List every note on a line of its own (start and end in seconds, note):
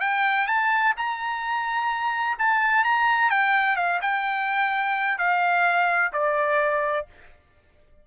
0.00 0.47 G5
0.47 0.94 A5
0.97 2.38 A#5
2.39 2.84 A5
2.84 3.30 A#5
3.30 3.76 G5
3.76 4.00 F5
4.01 5.18 G5
5.18 6.12 F5
6.12 7.06 D5